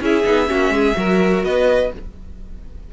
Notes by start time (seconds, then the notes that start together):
0.00 C#4 E4 G#4 E5
0.23 B3 D#4
0.46 A#3 C#4 F#4
0.70 G#3 G#4
0.94 F#3 F#4 A#4
1.43 B3 B4 D#5